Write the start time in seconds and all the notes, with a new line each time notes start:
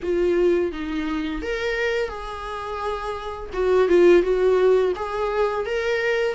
0.02 F4
0.72 D#4
1.41 A#4
2.09 G#4
3.53 F#4
3.88 F4
4.22 F#4
4.95 G#4
5.65 A#4